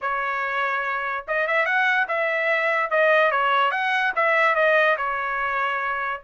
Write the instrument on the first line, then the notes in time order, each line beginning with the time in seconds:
trumpet
0.01 C#5
1.27 D#5
1.47 E5
1.65 F#5
2.08 E5
2.90 D#5
3.31 C#5
3.71 F#5
4.15 E5
4.55 D#5
4.97 C#5